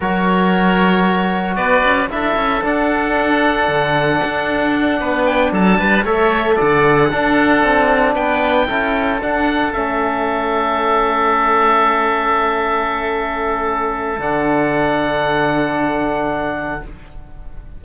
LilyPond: <<
  \new Staff \with { instrumentName = "oboe" } { \time 4/4 \tempo 4 = 114 cis''2. d''4 | e''4 fis''2.~ | fis''2 g''8 a''4 e''8~ | e''8 fis''2. g''8~ |
g''4. fis''4 e''4.~ | e''1~ | e''2. fis''4~ | fis''1 | }
  \new Staff \with { instrumentName = "oboe" } { \time 4/4 ais'2. b'4 | a'1~ | a'4. b'4 a'8 b'8 cis''8~ | cis''8 d''4 a'2 b'8~ |
b'8 a'2.~ a'8~ | a'1~ | a'1~ | a'1 | }
  \new Staff \with { instrumentName = "trombone" } { \time 4/4 fis'1 | e'4 d'2.~ | d'2.~ d'8 a'8~ | a'4. d'2~ d'8~ |
d'8 e'4 d'4 cis'4.~ | cis'1~ | cis'2. d'4~ | d'1 | }
  \new Staff \with { instrumentName = "cello" } { \time 4/4 fis2. b8 cis'8 | d'8 cis'8 d'2 d4 | d'4. b4 fis8 g8 a8~ | a8 d4 d'4 c'4 b8~ |
b8 cis'4 d'4 a4.~ | a1~ | a2. d4~ | d1 | }
>>